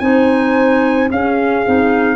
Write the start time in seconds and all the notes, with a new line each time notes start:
0.00 C4 D#4 C5 G#5
1.11 C#4 G#4 F5
1.66 C4 D#4